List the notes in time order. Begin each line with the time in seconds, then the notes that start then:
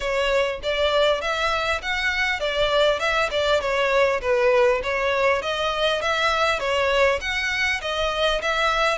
0.00 C#5
0.62 D5
1.21 E5
1.81 F#5
2.40 D5
2.99 E5
3.31 D5
3.60 C#5
4.21 B4
4.83 C#5
5.41 D#5
6.01 E5
6.59 C#5
7.20 F#5
7.81 D#5
8.41 E5